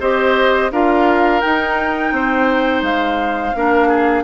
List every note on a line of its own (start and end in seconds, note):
0.00 0.71 C4
0.00 0.72 G4
0.00 0.71 C5
0.00 0.71 D#5
0.71 1.42 D4
0.71 1.42 F4
0.71 2.13 A#4
0.71 1.41 F5
1.41 3.54 D#4
1.41 2.12 D#4
1.41 2.82 G5
2.12 2.82 C4
2.12 3.57 C5
2.82 3.53 G#3
2.82 4.24 F5
3.56 4.24 A#3
3.56 4.24 D4
3.56 3.88 A#4
3.88 4.24 G#4